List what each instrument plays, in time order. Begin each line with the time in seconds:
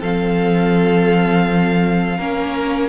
0.00 cello F3, viola C4, violin A4 F5
2.17 cello A#3, viola C#4, violin A#4